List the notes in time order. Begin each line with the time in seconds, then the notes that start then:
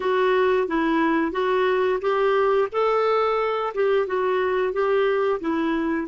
0.00 F#4
0.67 E4
1.32 F#4
2.01 G4
2.72 A4
3.74 G4
4.06 F#4
4.72 G4
5.40 E4